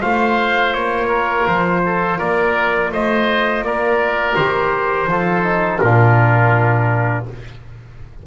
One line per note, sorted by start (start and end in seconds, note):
0.00 0.74 A3
0.00 4.34 F4
0.00 1.07 C5
0.00 0.73 F5
0.73 1.47 A#3
0.73 1.46 C#5
1.07 1.79 A#4
1.47 2.19 F3
1.47 2.19 C5
1.85 2.17 A4
2.17 2.91 A#3
2.17 2.90 A#4
2.17 2.91 D5
2.91 3.61 A3
2.91 3.64 C5
2.91 3.64 D#5
3.61 4.34 A#3
3.61 5.10 A#4
3.61 4.35 D5
4.35 5.07 D#3
4.35 5.08 G4
4.35 5.80 C5
5.07 5.79 F3
5.07 5.44 F4
5.07 5.81 A4
5.44 5.80 D#4
5.80 7.26 A#2
5.80 7.25 D4
5.80 7.26 F4
5.80 7.24 A#4